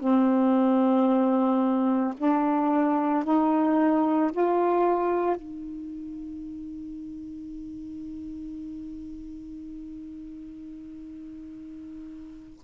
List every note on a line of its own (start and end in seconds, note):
0.00 2.14 C4
2.18 3.24 D4
3.24 4.31 D#4
4.32 5.36 F4
5.36 12.59 D#4